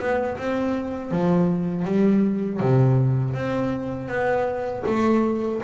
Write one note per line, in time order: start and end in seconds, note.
0.00 0.38 B3
0.38 1.12 C4
1.12 1.85 F3
1.85 2.60 G3
2.60 3.34 C3
3.34 4.08 C4
4.08 4.83 B3
4.87 5.62 A3